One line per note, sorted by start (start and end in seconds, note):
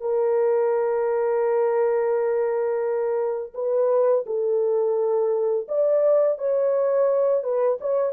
0.00 3.53 A#4
3.54 4.24 B4
4.26 5.67 A4
5.68 6.38 D5
6.38 7.43 C#5
7.43 7.78 B4
7.81 8.12 C#5